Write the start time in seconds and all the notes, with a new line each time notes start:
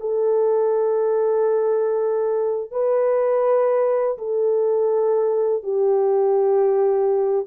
0.00 A4
2.71 B4
4.18 A4
5.63 G4